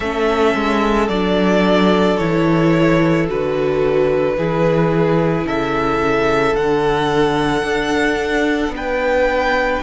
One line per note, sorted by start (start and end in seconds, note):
0.00 0.54 A3
0.00 1.11 C#4
0.00 4.33 A4
0.00 1.08 E5
0.54 1.08 G#3
1.08 2.17 F#3
1.08 2.19 D4
1.08 2.17 D5
2.17 3.29 E3
2.17 3.27 E4
2.17 3.26 C#5
3.27 4.37 D3
3.27 4.37 F#4
3.27 5.47 B4
4.37 5.44 E3
4.37 6.55 E4
4.37 5.46 G#4
5.44 6.53 C#3
5.44 8.73 A4
5.44 6.56 E5
6.54 7.62 D3
6.54 9.82 D4
6.54 8.74 F#5
7.62 8.68 D4
8.68 9.77 B3
8.76 9.82 B4
8.76 9.82 G5